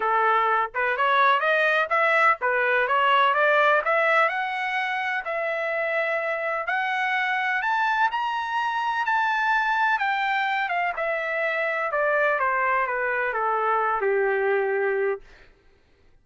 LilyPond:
\new Staff \with { instrumentName = "trumpet" } { \time 4/4 \tempo 4 = 126 a'4. b'8 cis''4 dis''4 | e''4 b'4 cis''4 d''4 | e''4 fis''2 e''4~ | e''2 fis''2 |
a''4 ais''2 a''4~ | a''4 g''4. f''8 e''4~ | e''4 d''4 c''4 b'4 | a'4. g'2~ g'8 | }